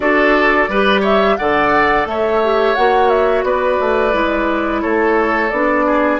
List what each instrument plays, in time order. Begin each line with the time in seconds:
0.00 bassoon D4, clarinet F#4, oboe A4, flute D5
0.68 bassoon G3, clarinet G4, oboe B4
1.00 oboe C#5, flute E5
1.36 bassoon D3, clarinet A4, oboe D5, flute F#5
2.05 bassoon A3, oboe C#5, flute E5
2.43 clarinet G4
2.74 bassoon A#3, clarinet F#4, flute F#5
3.09 flute E5
3.43 bassoon B3, oboe B4, flute D5
3.80 bassoon A3
4.11 bassoon G#3, clarinet E4
4.81 bassoon A3, oboe A4, flute C#5
5.50 bassoon B3, clarinet D4, flute D5
5.86 oboe G#4